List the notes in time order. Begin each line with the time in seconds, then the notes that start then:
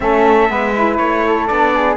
0.00 A3 C#4 A4 E5
0.48 G#3 B3 B4
0.77 E4
0.97 A3 C#5
1.26 A4
1.47 B3 D4 D5
1.74 G#4